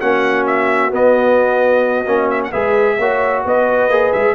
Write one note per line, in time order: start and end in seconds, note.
0.00 0.93 A#3
0.00 0.91 C#4
0.00 2.51 F#4
0.00 0.46 F#5
0.47 0.93 E5
0.91 2.06 B3
0.91 2.30 D#5
2.06 2.52 A#3
2.06 2.52 C#4
2.30 2.42 E5
2.44 2.52 F#5
2.51 2.99 G#3
2.51 2.98 G#4
2.51 2.97 B4
2.51 3.44 E5
2.98 3.45 A#3
2.98 3.91 F#4
2.98 3.44 C#5
3.45 3.89 B3
3.45 4.35 B4
3.45 4.13 D#5
3.89 4.12 A#3
3.89 4.35 G#4
4.13 4.35 G#3
4.13 4.35 E5